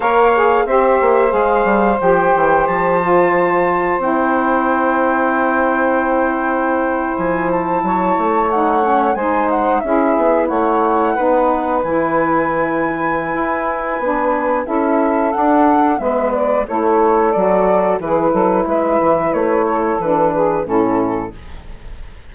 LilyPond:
<<
  \new Staff \with { instrumentName = "flute" } { \time 4/4 \tempo 4 = 90 f''4 e''4 f''4 g''4 | a''2 g''2~ | g''2~ g''8. gis''8 a''8.~ | a''8. fis''4 gis''8 fis''8 e''4 fis''16~ |
fis''4.~ fis''16 gis''2~ gis''16~ | gis''2 e''4 fis''4 | e''8 d''8 cis''4 d''4 b'4 | e''4 cis''4 b'4 a'4 | }
  \new Staff \with { instrumentName = "saxophone" } { \time 4/4 cis''4 c''2.~ | c''1~ | c''2.~ c''8. cis''16~ | cis''4.~ cis''16 c''4 gis'4 cis''16~ |
cis''8. b'2.~ b'16~ | b'2 a'2 | b'4 a'2 gis'8 a'8 | b'4. a'4 gis'8 e'4 | }
  \new Staff \with { instrumentName = "saxophone" } { \time 4/4 ais'8 gis'8 g'4 gis'4 g'4~ | g'8 f'4. e'2~ | e'1~ | e'8. dis'8 cis'8 dis'4 e'4~ e'16~ |
e'8. dis'4 e'2~ e'16~ | e'4 d'4 e'4 d'4 | b4 e'4 fis'4 e'4~ | e'2 d'4 cis'4 | }
  \new Staff \with { instrumentName = "bassoon" } { \time 4/4 ais4 c'8 ais8 gis8 g8 f8 e8 | f2 c'2~ | c'2~ c'8. f4 fis16~ | fis16 a4. gis4 cis'8 b8 a16~ |
a8. b4 e2~ e16 | e'4 b4 cis'4 d'4 | gis4 a4 fis4 e8 fis8 | gis8 e8 a4 e4 a,4 | }
>>